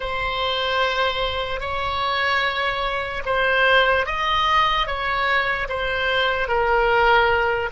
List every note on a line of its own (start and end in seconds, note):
0.00 1.60 C5
1.60 3.22 C#5
3.25 4.05 C5
4.05 4.86 D#5
4.86 5.68 C#5
5.68 6.48 C5
6.48 7.69 A#4